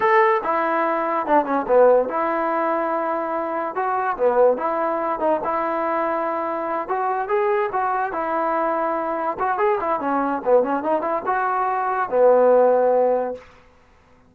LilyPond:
\new Staff \with { instrumentName = "trombone" } { \time 4/4 \tempo 4 = 144 a'4 e'2 d'8 cis'8 | b4 e'2.~ | e'4 fis'4 b4 e'4~ | e'8 dis'8 e'2.~ |
e'8 fis'4 gis'4 fis'4 e'8~ | e'2~ e'8 fis'8 gis'8 e'8 | cis'4 b8 cis'8 dis'8 e'8 fis'4~ | fis'4 b2. | }